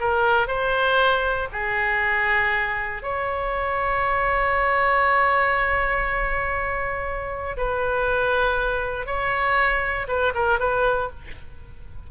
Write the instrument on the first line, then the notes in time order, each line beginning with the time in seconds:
oboe
0.00 A#4
0.48 C5
1.52 G#4
3.03 C#5
7.57 B4
9.07 C#5
10.08 B4
10.35 A#4
10.60 B4